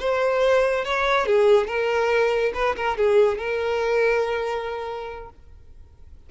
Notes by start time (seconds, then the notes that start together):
0.00 C5
0.85 C#5
1.27 G#4
1.68 A#4
2.55 B4
2.77 A#4
2.98 G#4
3.39 A#4